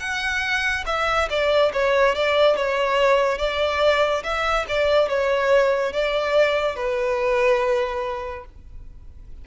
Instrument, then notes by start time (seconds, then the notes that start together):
violin
0.00 F#5
0.86 E5
1.30 D5
1.73 C#5
2.15 D5
2.56 C#5
3.38 D5
4.24 E5
4.68 D5
5.09 C#5
5.93 D5
6.76 B4